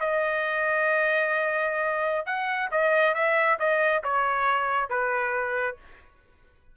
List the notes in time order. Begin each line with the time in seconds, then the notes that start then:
0.00 D#5
2.26 F#5
2.71 D#5
3.15 E5
3.59 D#5
4.04 C#5
4.90 B4